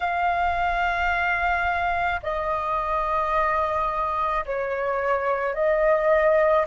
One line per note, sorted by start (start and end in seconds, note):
0.00 2.19 F5
2.22 4.44 D#5
4.45 5.54 C#5
5.54 6.65 D#5